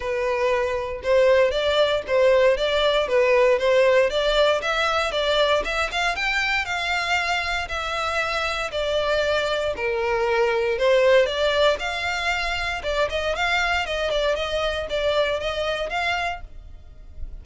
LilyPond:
\new Staff \with { instrumentName = "violin" } { \time 4/4 \tempo 4 = 117 b'2 c''4 d''4 | c''4 d''4 b'4 c''4 | d''4 e''4 d''4 e''8 f''8 | g''4 f''2 e''4~ |
e''4 d''2 ais'4~ | ais'4 c''4 d''4 f''4~ | f''4 d''8 dis''8 f''4 dis''8 d''8 | dis''4 d''4 dis''4 f''4 | }